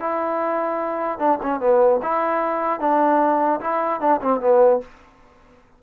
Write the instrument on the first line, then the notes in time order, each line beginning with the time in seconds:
trombone
0.00 E4
1.19 D4
1.42 C#4
1.60 B3
2.02 E4
2.80 D4
3.60 E4
4.00 D4
4.22 C4
4.40 B3